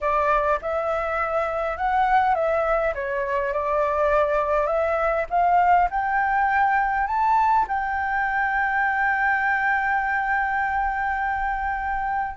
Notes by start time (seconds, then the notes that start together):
0.00 D5
0.61 E5
1.77 F#5
2.34 E5
2.94 C#5
3.53 D5
4.66 E5
5.29 F5
5.90 G5
7.07 A5
7.67 G5